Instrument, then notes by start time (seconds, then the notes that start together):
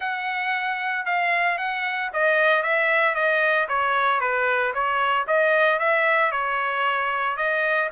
trumpet
0.00 F#5
1.05 F5
1.58 F#5
2.13 D#5
2.62 E5
3.14 D#5
3.68 C#5
4.20 B4
4.73 C#5
5.27 D#5
5.79 E5
6.31 C#5
7.37 D#5